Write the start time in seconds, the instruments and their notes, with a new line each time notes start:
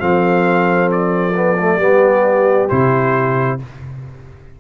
0.00 tuba F3, trombone C4, horn A4, trumpet F5
0.92 trumpet D5
1.35 trombone B3
1.59 trombone A3
1.77 tuba G3, trombone B3, horn G4
2.70 tuba C3, trombone E4, trumpet C5